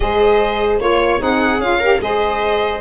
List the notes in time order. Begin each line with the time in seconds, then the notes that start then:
0.00 G#3 G#4 C5 D#5
0.80 A#3 F4 C#5
1.18 C4 D#4 G#4 F#5
1.58 C#4 F4 F5
1.79 G4 A#4
1.99 G#3 G#4 C5 D#5